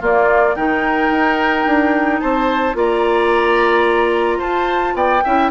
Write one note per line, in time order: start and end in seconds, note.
0.00 0.56 A#3
0.00 0.57 A#3
0.00 0.55 F4
0.00 0.56 D5
0.56 1.10 D#3
0.56 2.74 D#4
0.56 2.21 A#4
0.56 2.20 G5
1.10 1.65 D#4
1.66 2.21 D4
2.20 2.75 C4
2.20 2.76 C5
2.20 2.75 A5
2.74 4.39 A#3
2.74 5.21 F4
2.74 4.38 D5
2.74 4.40 A#5
4.38 4.94 F4
4.38 4.93 C5
4.38 4.95 A5
4.94 5.22 B3
4.94 5.24 D5
4.94 5.51 G5
5.24 5.51 C#4
5.24 5.51 E4
5.24 5.51 E5